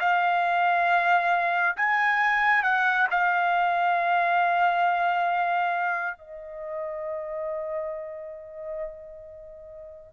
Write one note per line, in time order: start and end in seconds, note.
0.00 1.76 F5
1.76 2.64 G#5
2.64 3.08 F#5
3.11 6.18 F5
6.18 10.14 D#5